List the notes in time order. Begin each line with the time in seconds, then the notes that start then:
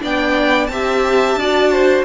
0.00 B3 D4 D5 G5
0.67 C4 G4 E5 A5
1.36 D4 F#4 D5
1.72 C5